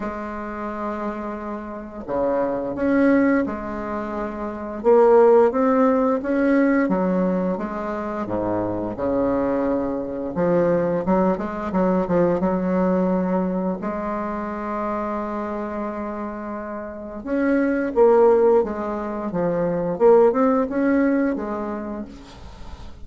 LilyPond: \new Staff \with { instrumentName = "bassoon" } { \time 4/4 \tempo 4 = 87 gis2. cis4 | cis'4 gis2 ais4 | c'4 cis'4 fis4 gis4 | gis,4 cis2 f4 |
fis8 gis8 fis8 f8 fis2 | gis1~ | gis4 cis'4 ais4 gis4 | f4 ais8 c'8 cis'4 gis4 | }